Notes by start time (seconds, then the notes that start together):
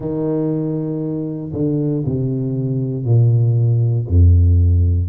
0.00 D#3
1.53 D3
2.05 C3
3.05 A#2
4.07 F2